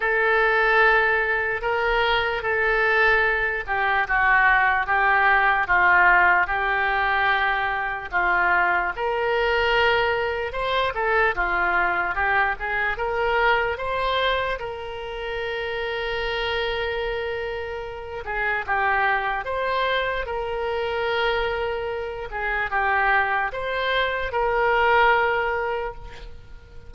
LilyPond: \new Staff \with { instrumentName = "oboe" } { \time 4/4 \tempo 4 = 74 a'2 ais'4 a'4~ | a'8 g'8 fis'4 g'4 f'4 | g'2 f'4 ais'4~ | ais'4 c''8 a'8 f'4 g'8 gis'8 |
ais'4 c''4 ais'2~ | ais'2~ ais'8 gis'8 g'4 | c''4 ais'2~ ais'8 gis'8 | g'4 c''4 ais'2 | }